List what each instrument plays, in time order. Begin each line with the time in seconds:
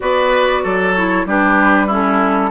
0.00 bassoon B3, clarinet F#4, oboe B4, flute D5
0.63 bassoon F#3, oboe A4
0.94 clarinet E4, flute C#5
1.25 bassoon G3, clarinet D4, oboe G4, flute B4
1.87 clarinet C#4, oboe E4, flute A4